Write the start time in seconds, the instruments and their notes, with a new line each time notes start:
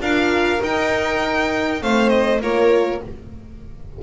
0.00 double bass D4, horn F4, violin A#4 F5
0.60 horn D#4, double bass D#4, violin G5
1.81 double bass A3, horn C4, violin C5 F5
2.09 violin D#5
2.41 double bass A#3, horn F4, violin A#4 C#5